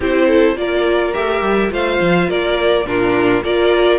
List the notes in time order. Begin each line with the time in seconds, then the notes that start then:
0.00 C4 E4 G4 C5
0.27 A4
0.56 A#3 F4 A#4 D5
1.13 A3 G4 E5
1.41 G3
1.69 A3 F4 C5 F5
2.00 F3
2.28 A#3 A#4 D5
2.85 A#2 D4 F4 A#4
3.43 A#3 F4 A#4 D5